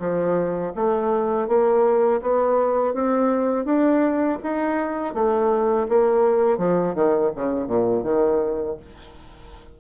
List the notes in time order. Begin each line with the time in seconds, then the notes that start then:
0.00 F3
0.76 A3
1.48 A#3
2.22 B3
2.94 C4
3.66 D4
4.44 D#4
5.15 A3
5.89 A#3
6.59 F3
6.95 D#3
7.36 C#3
7.67 A#2
8.04 D#3